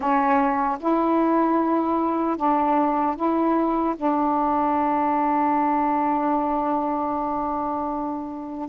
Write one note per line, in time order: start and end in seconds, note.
0.00 0.78 C#4
0.80 2.36 E4
2.36 3.15 D4
3.16 3.95 E4
3.96 8.69 D4